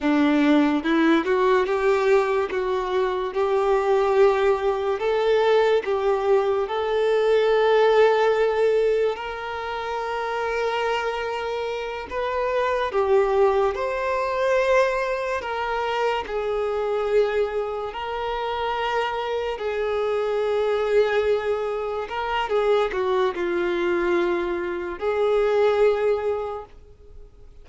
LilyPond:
\new Staff \with { instrumentName = "violin" } { \time 4/4 \tempo 4 = 72 d'4 e'8 fis'8 g'4 fis'4 | g'2 a'4 g'4 | a'2. ais'4~ | ais'2~ ais'8 b'4 g'8~ |
g'8 c''2 ais'4 gis'8~ | gis'4. ais'2 gis'8~ | gis'2~ gis'8 ais'8 gis'8 fis'8 | f'2 gis'2 | }